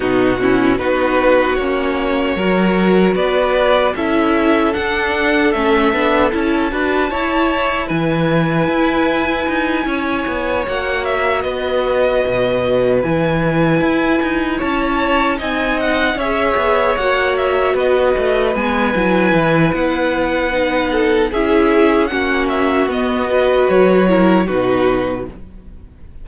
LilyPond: <<
  \new Staff \with { instrumentName = "violin" } { \time 4/4 \tempo 4 = 76 fis'4 b'4 cis''2 | d''4 e''4 fis''4 e''4 | a''2 gis''2~ | gis''4. fis''8 e''8 dis''4.~ |
dis''8 gis''2 a''4 gis''8 | fis''8 e''4 fis''8 e''8 dis''4 gis''8~ | gis''4 fis''2 e''4 | fis''8 e''8 dis''4 cis''4 b'4 | }
  \new Staff \with { instrumentName = "violin" } { \time 4/4 dis'8 e'8 fis'2 ais'4 | b'4 a'2.~ | a'8 b'8 cis''4 b'2~ | b'8 cis''2 b'4.~ |
b'2~ b'8 cis''4 dis''8~ | dis''8 cis''2 b'4.~ | b'2~ b'8 a'8 gis'4 | fis'4. b'4 ais'8 fis'4 | }
  \new Staff \with { instrumentName = "viola" } { \time 4/4 b8 cis'8 dis'4 cis'4 fis'4~ | fis'4 e'4 d'4 cis'8 d'8 | e'8 fis'8 e'2.~ | e'4. fis'2~ fis'8~ |
fis'8 e'2. dis'8~ | dis'8 gis'4 fis'2 b8 | e'2 dis'4 e'4 | cis'4 b8 fis'4 e'8 dis'4 | }
  \new Staff \with { instrumentName = "cello" } { \time 4/4 b,4 b4 ais4 fis4 | b4 cis'4 d'4 a8 b8 | cis'8 d'8 e'4 e4 e'4 | dis'8 cis'8 b8 ais4 b4 b,8~ |
b,8 e4 e'8 dis'8 cis'4 c'8~ | c'8 cis'8 b8 ais4 b8 a8 gis8 | fis8 e8 b2 cis'4 | ais4 b4 fis4 b,4 | }
>>